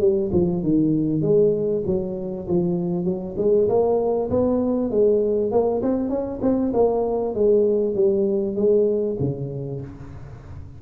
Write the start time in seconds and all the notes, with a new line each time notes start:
0.00 G3
0.32 F3
0.63 D#3
1.22 G#3
1.86 F#3
2.48 F3
3.04 F#3
3.37 G#3
3.68 A#3
4.30 B3
4.90 G#3
5.51 A#3
5.82 C4
6.09 C#4
6.41 C4
6.73 A#3
7.34 G#3
7.95 G3
8.55 G#3
9.19 C#3